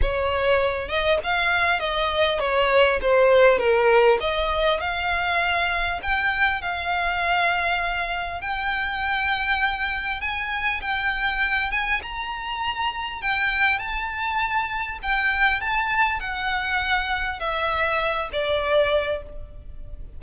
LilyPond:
\new Staff \with { instrumentName = "violin" } { \time 4/4 \tempo 4 = 100 cis''4. dis''8 f''4 dis''4 | cis''4 c''4 ais'4 dis''4 | f''2 g''4 f''4~ | f''2 g''2~ |
g''4 gis''4 g''4. gis''8 | ais''2 g''4 a''4~ | a''4 g''4 a''4 fis''4~ | fis''4 e''4. d''4. | }